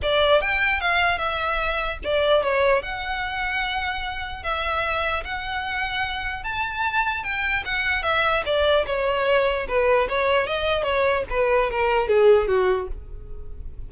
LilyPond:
\new Staff \with { instrumentName = "violin" } { \time 4/4 \tempo 4 = 149 d''4 g''4 f''4 e''4~ | e''4 d''4 cis''4 fis''4~ | fis''2. e''4~ | e''4 fis''2. |
a''2 g''4 fis''4 | e''4 d''4 cis''2 | b'4 cis''4 dis''4 cis''4 | b'4 ais'4 gis'4 fis'4 | }